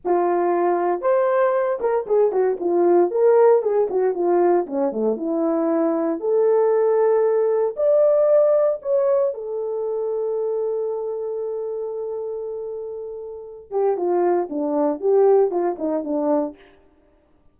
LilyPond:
\new Staff \with { instrumentName = "horn" } { \time 4/4 \tempo 4 = 116 f'2 c''4. ais'8 | gis'8 fis'8 f'4 ais'4 gis'8 fis'8 | f'4 cis'8 a8 e'2 | a'2. d''4~ |
d''4 cis''4 a'2~ | a'1~ | a'2~ a'8 g'8 f'4 | d'4 g'4 f'8 dis'8 d'4 | }